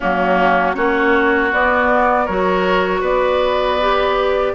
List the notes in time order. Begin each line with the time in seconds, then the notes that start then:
0.00 F#3 A#3 C#4 F#4
0.74 A#3 C#4 F#4 C#5
1.51 B3 D5
2.25 F#3 F#4 A#4 C#5
3.00 B3 B4 D5
3.80 G4